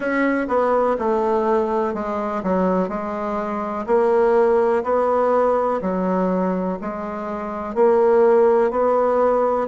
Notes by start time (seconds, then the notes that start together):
0.00 C#4
0.48 B3
0.99 A3
1.94 G#3
2.43 F#3
2.89 G#3
3.86 A#3
4.83 B3
5.81 F#3
6.81 G#3
7.74 A#3
8.71 B3